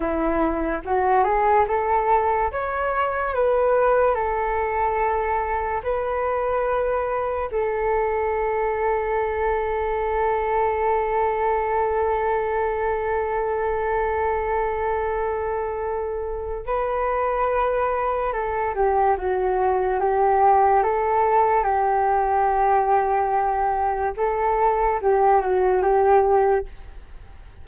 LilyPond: \new Staff \with { instrumentName = "flute" } { \time 4/4 \tempo 4 = 72 e'4 fis'8 gis'8 a'4 cis''4 | b'4 a'2 b'4~ | b'4 a'2.~ | a'1~ |
a'1 | b'2 a'8 g'8 fis'4 | g'4 a'4 g'2~ | g'4 a'4 g'8 fis'8 g'4 | }